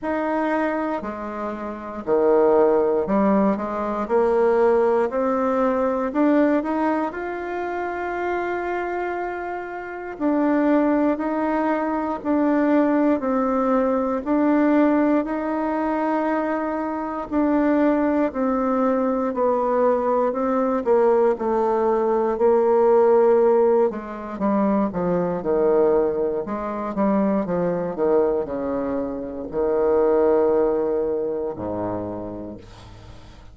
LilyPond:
\new Staff \with { instrumentName = "bassoon" } { \time 4/4 \tempo 4 = 59 dis'4 gis4 dis4 g8 gis8 | ais4 c'4 d'8 dis'8 f'4~ | f'2 d'4 dis'4 | d'4 c'4 d'4 dis'4~ |
dis'4 d'4 c'4 b4 | c'8 ais8 a4 ais4. gis8 | g8 f8 dis4 gis8 g8 f8 dis8 | cis4 dis2 gis,4 | }